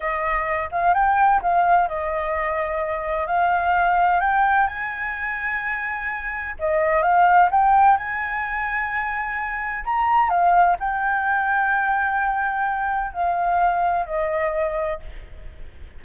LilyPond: \new Staff \with { instrumentName = "flute" } { \time 4/4 \tempo 4 = 128 dis''4. f''8 g''4 f''4 | dis''2. f''4~ | f''4 g''4 gis''2~ | gis''2 dis''4 f''4 |
g''4 gis''2.~ | gis''4 ais''4 f''4 g''4~ | g''1 | f''2 dis''2 | }